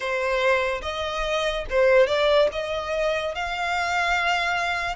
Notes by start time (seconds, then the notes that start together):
0.00 C5
0.81 D#5
1.69 C5
2.06 D5
2.52 D#5
3.34 F5